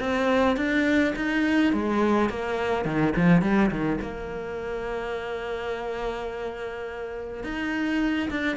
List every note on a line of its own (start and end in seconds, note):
0.00 0.57 C4
0.57 1.14 D4
1.16 1.73 D#4
1.73 2.30 G#3
2.30 2.85 A#3
2.85 3.14 D#3
3.17 3.42 F3
3.42 3.71 G3
3.71 4.00 D#3
4.02 7.44 A#3
7.44 8.30 D#4
8.30 8.57 D4